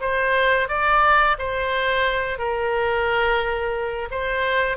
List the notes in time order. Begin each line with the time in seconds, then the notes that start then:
0.00 C5
0.68 D5
1.38 C5
2.38 A#4
4.10 C5